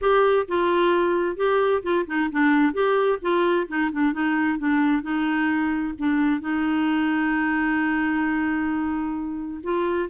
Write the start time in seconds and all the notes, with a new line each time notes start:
0.01 G4
0.47 F4
1.36 G4
1.82 F4
2.06 D#4
2.31 D4
2.73 G4
3.21 F4
3.67 D#4
3.92 D4
4.12 D#4
4.58 D4
5.02 D#4
5.98 D4
6.40 D#4
9.63 F4